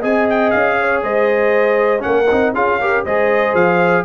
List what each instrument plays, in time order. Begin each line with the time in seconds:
0.00 tuba C4, trombone G#4, horn D#5, trumpet G#5
0.30 trumpet G5
0.51 tuba C#4, trumpet F5
0.80 horn C#5
1.03 tuba G#3, horn C5, trumpet D#5
2.00 tuba A#3, trombone C#4, horn A#4, trumpet F#5
2.31 tuba C4, trombone D#4
2.54 tuba C#4, trombone F4, horn G#4, trumpet F5
2.80 trombone G4, horn A#4
3.04 tuba G#3, trombone G#4, horn C5, trumpet D#5
3.54 tuba F3, trumpet F5